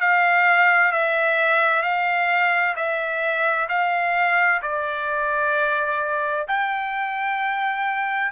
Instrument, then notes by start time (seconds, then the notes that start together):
trumpet
0.00 F5
0.91 E5
1.82 F5
2.75 E5
3.68 F5
4.62 D5
6.47 G5